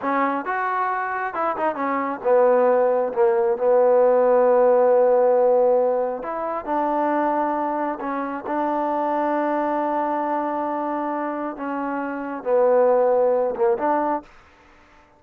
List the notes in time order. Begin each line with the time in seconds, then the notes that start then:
0.01 C#4
0.45 F#4
1.34 E4
1.56 D#4
1.75 C#4
2.23 B3
3.13 A#3
3.57 B3
6.23 E4
6.65 D4
8.00 C#4
8.46 D4
11.56 C#4
12.43 B3
13.55 A#3
13.78 D4